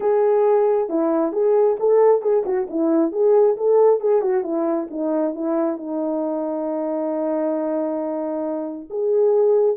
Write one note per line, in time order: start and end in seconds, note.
0.00 0.89 G#4
0.89 1.32 E4
1.32 1.76 G#4
1.79 2.22 A4
2.22 2.44 G#4
2.45 2.67 F#4
2.70 3.12 E4
3.12 3.56 G#4
3.56 4.00 A4
4.00 4.21 G#4
4.21 4.43 F#4
4.43 4.88 E4
4.90 5.34 D#4
5.34 5.77 E4
5.77 8.88 D#4
8.90 9.76 G#4